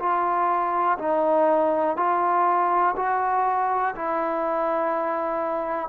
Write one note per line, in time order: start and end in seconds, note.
0.00 0.98 F4
0.99 1.97 D#4
1.97 2.96 F4
2.96 3.95 F#4
3.96 5.89 E4